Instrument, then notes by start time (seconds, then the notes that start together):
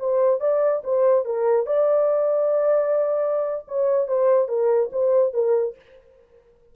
horn
0.00 C5
0.41 D5
0.84 C5
1.25 A#4
1.67 D5
3.68 C#5
4.08 C5
4.49 A#4
4.93 C5
5.34 A#4